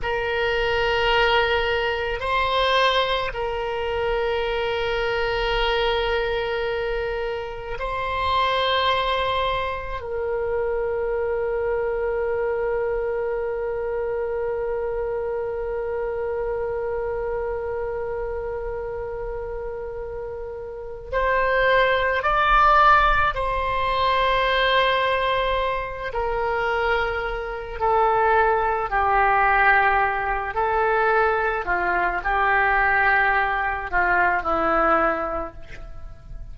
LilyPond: \new Staff \with { instrumentName = "oboe" } { \time 4/4 \tempo 4 = 54 ais'2 c''4 ais'4~ | ais'2. c''4~ | c''4 ais'2.~ | ais'1~ |
ais'2. c''4 | d''4 c''2~ c''8 ais'8~ | ais'4 a'4 g'4. a'8~ | a'8 f'8 g'4. f'8 e'4 | }